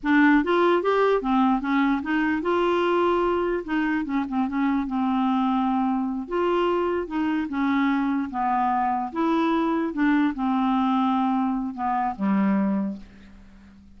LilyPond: \new Staff \with { instrumentName = "clarinet" } { \time 4/4 \tempo 4 = 148 d'4 f'4 g'4 c'4 | cis'4 dis'4 f'2~ | f'4 dis'4 cis'8 c'8 cis'4 | c'2.~ c'8 f'8~ |
f'4. dis'4 cis'4.~ | cis'8 b2 e'4.~ | e'8 d'4 c'2~ c'8~ | c'4 b4 g2 | }